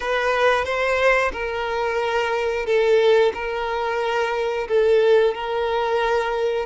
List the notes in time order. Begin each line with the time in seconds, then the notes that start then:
0.00 B4
0.65 C5
1.32 A#4
2.65 A4
3.34 A#4
4.68 A4
5.34 A#4